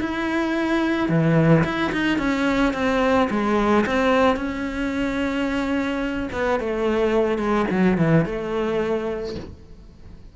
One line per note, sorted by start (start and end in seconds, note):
0.00 1.09 E4
1.09 1.64 E3
1.65 1.92 E4
1.93 2.19 D#4
2.19 2.74 C#4
2.74 3.29 C4
3.31 3.86 G#3
3.87 4.37 C4
4.37 6.30 C#4
6.33 6.60 B3
6.60 7.39 A3
7.39 7.66 G#3
7.71 7.98 F#3
7.98 8.26 E3
8.26 9.36 A3